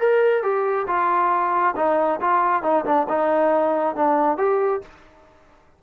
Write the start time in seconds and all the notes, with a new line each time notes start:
0.00 A#4
0.43 G4
0.88 F4
1.77 D#4
2.21 F4
2.63 D#4
2.86 D4
3.09 D#4
3.96 D4
4.38 G4